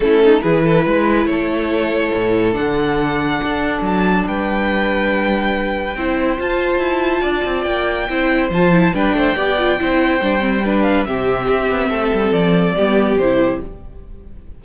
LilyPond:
<<
  \new Staff \with { instrumentName = "violin" } { \time 4/4 \tempo 4 = 141 a'4 b'2 cis''4~ | cis''2 fis''2~ | fis''4 a''4 g''2~ | g''2. a''4~ |
a''2 g''2 | a''4 g''2.~ | g''4. f''8 e''2~ | e''4 d''2 c''4 | }
  \new Staff \with { instrumentName = "violin" } { \time 4/4 e'8 dis'8 gis'8 a'8 b'4 a'4~ | a'1~ | a'2 b'2~ | b'2 c''2~ |
c''4 d''2 c''4~ | c''4 b'8 c''8 d''4 c''4~ | c''4 b'4 g'2 | a'2 g'2 | }
  \new Staff \with { instrumentName = "viola" } { \time 4/4 cis'4 e'2.~ | e'2 d'2~ | d'1~ | d'2 e'4 f'4~ |
f'2. e'4 | f'8 e'8 d'4 g'8 f'8 e'4 | d'8 c'8 d'4 c'2~ | c'2 b4 e'4 | }
  \new Staff \with { instrumentName = "cello" } { \time 4/4 a4 e4 gis4 a4~ | a4 a,4 d2 | d'4 fis4 g2~ | g2 c'4 f'4 |
e'4 d'8 c'8 ais4 c'4 | f4 g8 a8 b4 c'4 | g2 c4 c'8 b8 | a8 g8 f4 g4 c4 | }
>>